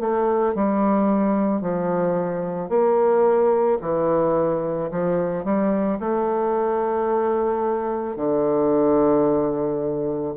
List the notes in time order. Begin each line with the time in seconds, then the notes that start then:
0.00 A3
0.55 G3
1.61 F3
2.69 A#3
3.81 E3
4.90 F3
5.44 G3
6.00 A3
8.16 D3